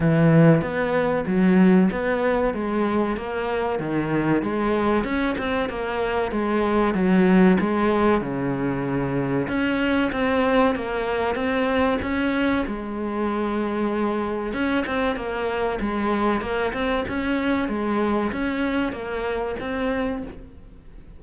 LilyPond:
\new Staff \with { instrumentName = "cello" } { \time 4/4 \tempo 4 = 95 e4 b4 fis4 b4 | gis4 ais4 dis4 gis4 | cis'8 c'8 ais4 gis4 fis4 | gis4 cis2 cis'4 |
c'4 ais4 c'4 cis'4 | gis2. cis'8 c'8 | ais4 gis4 ais8 c'8 cis'4 | gis4 cis'4 ais4 c'4 | }